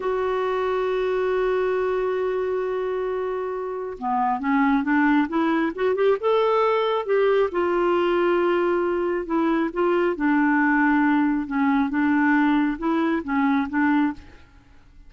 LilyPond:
\new Staff \with { instrumentName = "clarinet" } { \time 4/4 \tempo 4 = 136 fis'1~ | fis'1~ | fis'4 b4 cis'4 d'4 | e'4 fis'8 g'8 a'2 |
g'4 f'2.~ | f'4 e'4 f'4 d'4~ | d'2 cis'4 d'4~ | d'4 e'4 cis'4 d'4 | }